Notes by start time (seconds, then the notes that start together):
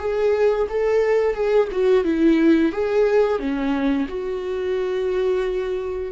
0.00 G#4
0.70 A4
1.35 G#4
1.72 F#4
2.05 E4
2.73 G#4
3.39 C#4
4.09 F#4